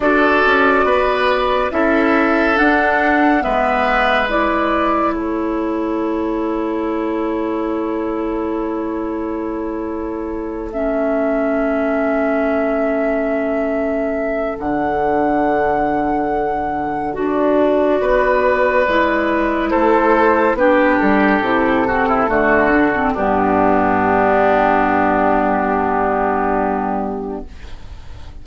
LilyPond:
<<
  \new Staff \with { instrumentName = "flute" } { \time 4/4 \tempo 4 = 70 d''2 e''4 fis''4 | e''4 d''4 cis''2~ | cis''1~ | cis''8 e''2.~ e''8~ |
e''4 fis''2. | d''2. c''4 | b'8 a'2~ a'8 g'4~ | g'1 | }
  \new Staff \with { instrumentName = "oboe" } { \time 4/4 a'4 b'4 a'2 | b'2 a'2~ | a'1~ | a'1~ |
a'1~ | a'4 b'2 a'4 | g'4. fis'16 e'16 fis'4 d'4~ | d'1 | }
  \new Staff \with { instrumentName = "clarinet" } { \time 4/4 fis'2 e'4 d'4 | b4 e'2.~ | e'1~ | e'8 cis'2.~ cis'8~ |
cis'4 d'2. | fis'2 e'2 | d'4 e'8 c'8 a8 d'16 c'16 b4~ | b1 | }
  \new Staff \with { instrumentName = "bassoon" } { \time 4/4 d'8 cis'8 b4 cis'4 d'4 | gis2 a2~ | a1~ | a1~ |
a4 d2. | d'4 b4 gis4 a4 | b8 g8 c4 d4 g,4~ | g,1 | }
>>